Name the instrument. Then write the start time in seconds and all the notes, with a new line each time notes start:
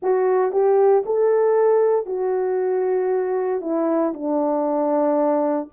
horn
0.02 F#4
0.52 G4
1.05 A4
2.05 F#4
3.61 E4
4.13 D4